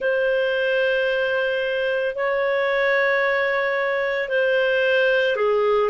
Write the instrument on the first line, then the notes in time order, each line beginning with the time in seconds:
clarinet
0.00 C5
2.15 C#5
4.29 C5
5.36 G#4